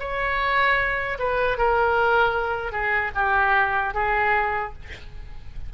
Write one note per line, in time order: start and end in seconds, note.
0.00 1.18 C#5
1.19 1.58 B4
1.58 2.72 A#4
2.72 3.11 G#4
3.15 3.94 G4
3.94 4.73 G#4